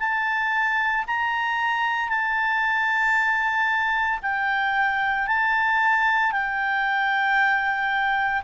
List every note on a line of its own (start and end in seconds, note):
0.00 1.05 A5
1.08 2.10 A#5
2.10 4.20 A5
4.23 5.27 G5
5.27 6.33 A5
6.33 8.43 G5